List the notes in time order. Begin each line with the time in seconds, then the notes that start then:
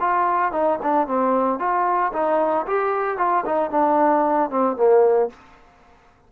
0.00 F4
0.52 D#4
0.83 D4
1.07 C4
1.59 F4
2.13 D#4
2.67 G4
3.18 F4
3.46 D#4
3.70 D4
4.50 C4
4.76 A#3